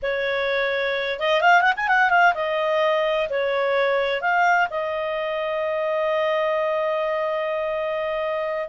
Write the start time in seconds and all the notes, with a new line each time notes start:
0.02 C#5
1.19 D#5
1.41 F5
1.61 F#5
1.76 G#5
1.88 F#5
2.10 F5
2.34 D#5
3.29 C#5
4.21 F5
4.69 D#5